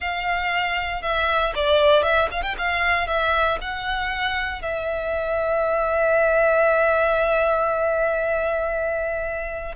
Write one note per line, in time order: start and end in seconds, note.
0.00 1.02 F5
1.02 1.53 E5
1.55 2.02 D5
2.02 2.28 E5
2.31 2.42 F5
2.42 2.55 G5
2.58 3.07 F5
3.07 3.58 E5
3.61 4.62 F#5
4.62 9.74 E5